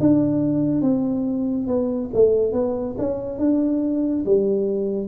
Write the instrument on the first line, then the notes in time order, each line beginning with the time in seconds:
tuba
0.00 D4
0.82 C4
1.68 B3
2.14 A3
2.53 B3
2.98 C#4
3.39 D4
4.26 G3